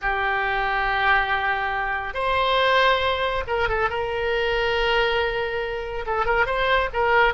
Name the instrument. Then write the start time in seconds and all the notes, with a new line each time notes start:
oboe
0.01 G4
2.14 C5
3.47 A#4
3.68 A4
3.89 A#4
6.06 A4
6.25 A#4
6.46 C5
6.93 A#4